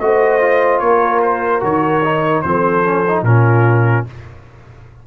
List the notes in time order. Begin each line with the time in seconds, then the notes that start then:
0.00 A3 F#4 C5 D#5
0.41 F4
0.80 A#3 A#4 C#5
1.23 C5
1.61 D#3 F#4 C#5
2.04 D#4
2.42 F3 C4 A4 C5
2.85 C#4
3.08 D#4
3.23 A#2 C#4 F4 A#4